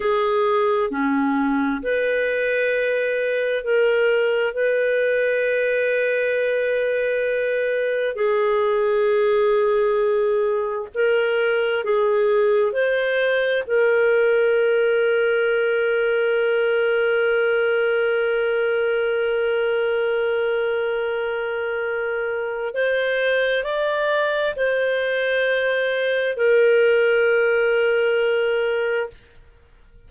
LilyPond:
\new Staff \with { instrumentName = "clarinet" } { \time 4/4 \tempo 4 = 66 gis'4 cis'4 b'2 | ais'4 b'2.~ | b'4 gis'2. | ais'4 gis'4 c''4 ais'4~ |
ais'1~ | ais'1~ | ais'4 c''4 d''4 c''4~ | c''4 ais'2. | }